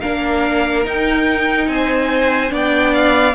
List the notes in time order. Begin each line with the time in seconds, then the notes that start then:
0.00 A#3 D4 A#4 F5
0.84 D#4 G5
1.67 C4 C5 G#5
2.49 B3 D4 D5
2.55 G5
2.94 F5